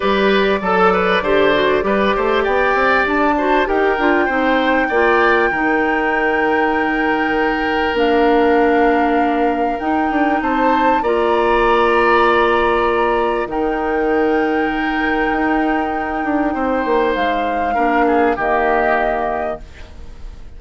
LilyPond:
<<
  \new Staff \with { instrumentName = "flute" } { \time 4/4 \tempo 4 = 98 d''1 | g''4 a''4 g''2~ | g''1~ | g''4 f''2. |
g''4 a''4 ais''2~ | ais''2 g''2~ | g''1 | f''2 dis''2 | }
  \new Staff \with { instrumentName = "oboe" } { \time 4/4 b'4 a'8 b'8 c''4 b'8 c''8 | d''4. c''8 ais'4 c''4 | d''4 ais'2.~ | ais'1~ |
ais'4 c''4 d''2~ | d''2 ais'2~ | ais'2. c''4~ | c''4 ais'8 gis'8 g'2 | }
  \new Staff \with { instrumentName = "clarinet" } { \time 4/4 g'4 a'4 g'8 fis'8 g'4~ | g'4. fis'8 g'8 f'8 dis'4 | f'4 dis'2.~ | dis'4 d'2. |
dis'2 f'2~ | f'2 dis'2~ | dis'1~ | dis'4 d'4 ais2 | }
  \new Staff \with { instrumentName = "bassoon" } { \time 4/4 g4 fis4 d4 g8 a8 | b8 c'8 d'4 dis'8 d'8 c'4 | ais4 dis2.~ | dis4 ais2. |
dis'8 d'8 c'4 ais2~ | ais2 dis2~ | dis4 dis'4. d'8 c'8 ais8 | gis4 ais4 dis2 | }
>>